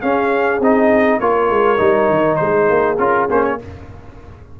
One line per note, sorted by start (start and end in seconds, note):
0.00 0.61 C#4
0.00 0.60 C#4
0.00 1.19 G#4
0.00 0.60 F5
0.60 1.19 C4
0.60 1.21 D#4
0.60 1.20 D#5
1.20 1.50 A#3
1.20 1.77 F4
1.20 2.38 A#4
1.20 2.36 C#5
1.50 1.79 G#3
1.77 2.09 G3
1.77 2.96 D#4
2.09 2.39 D#3
2.36 2.70 G#3
2.36 3.59 G#4
2.36 2.95 C5
2.70 2.99 A#3
2.98 3.28 C#4
2.98 3.29 F4
2.98 3.27 A#4
3.30 3.60 A#3
3.30 3.59 C#4
3.30 3.44 C5
3.44 3.58 C#5